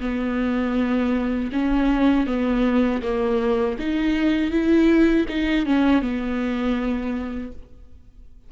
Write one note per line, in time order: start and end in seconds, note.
0.00 1.50 B3
1.52 2.26 C#4
2.26 3.01 B3
3.02 3.77 A#3
3.79 4.51 D#4
4.51 5.26 E4
5.28 5.65 D#4
5.65 6.01 C#4
6.01 7.51 B3